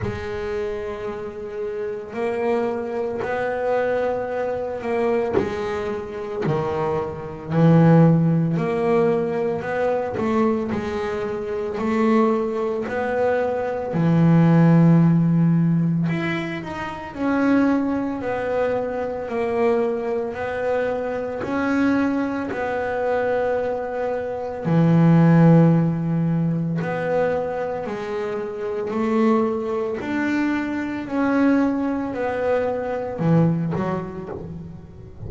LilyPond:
\new Staff \with { instrumentName = "double bass" } { \time 4/4 \tempo 4 = 56 gis2 ais4 b4~ | b8 ais8 gis4 dis4 e4 | ais4 b8 a8 gis4 a4 | b4 e2 e'8 dis'8 |
cis'4 b4 ais4 b4 | cis'4 b2 e4~ | e4 b4 gis4 a4 | d'4 cis'4 b4 e8 fis8 | }